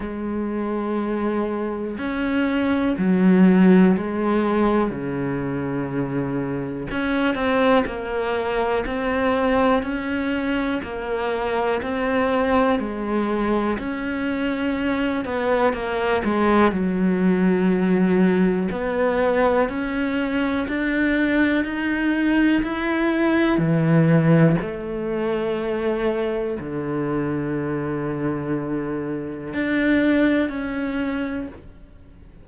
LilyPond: \new Staff \with { instrumentName = "cello" } { \time 4/4 \tempo 4 = 61 gis2 cis'4 fis4 | gis4 cis2 cis'8 c'8 | ais4 c'4 cis'4 ais4 | c'4 gis4 cis'4. b8 |
ais8 gis8 fis2 b4 | cis'4 d'4 dis'4 e'4 | e4 a2 d4~ | d2 d'4 cis'4 | }